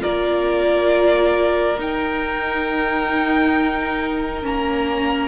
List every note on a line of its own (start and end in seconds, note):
0.00 1.79 A#3
0.00 1.76 F4
0.00 5.29 A#4
0.00 1.79 D5
1.78 4.43 D#4
1.78 4.44 D#4
1.78 4.46 G5
4.43 5.29 A#3
4.43 5.29 C#4
4.43 5.29 A#5